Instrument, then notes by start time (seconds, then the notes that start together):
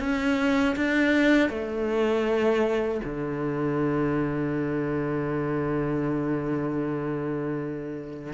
cello
0.00 C#4
0.76 D4
1.49 A3
3.05 D3